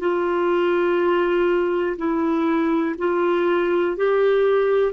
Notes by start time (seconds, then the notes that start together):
0.00 F4
1.98 E4
2.98 F4
3.97 G4